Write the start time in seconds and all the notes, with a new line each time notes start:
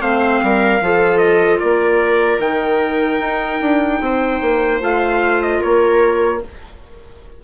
0.00 A3 C4 C5 F5
0.43 G3 A#4
0.81 F3 F4 A4
1.18 D#5
1.60 A#3 A#4 D5
2.38 D#3 D#4 G5
3.20 D#4
3.61 D4
4.01 C4 C5
4.41 A#3
4.81 A3 F4 F5
5.42 D#5
5.60 A#3 A#4 C#5